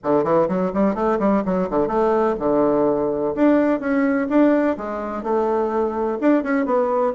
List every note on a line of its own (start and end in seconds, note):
0.03 0.24 D3
0.24 0.48 E3
0.48 0.72 F#3
0.73 0.94 G3
0.94 1.18 A3
1.19 1.43 G3
1.45 1.68 F#3
1.70 1.87 D3
1.87 2.35 A3
2.39 3.34 D3
3.35 3.80 D4
3.80 4.27 C#4
4.29 4.76 D4
4.77 5.23 G#3
5.23 6.18 A3
6.21 6.43 D4
6.43 6.65 C#4
6.65 7.13 B3